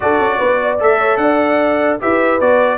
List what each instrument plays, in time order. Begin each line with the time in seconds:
0.00 tuba D4, trombone F#4, horn A4, trumpet D5
0.19 tuba C#4
0.38 tuba B3, horn B4
0.62 horn D5
0.79 tuba A3, trombone A4, trumpet E5
0.98 horn C#5
1.17 tuba D4, horn D5, trumpet F#5
2.00 tuba E4, trombone G4, horn B4, trumpet E5
2.40 tuba B3, trombone F#4, trumpet D5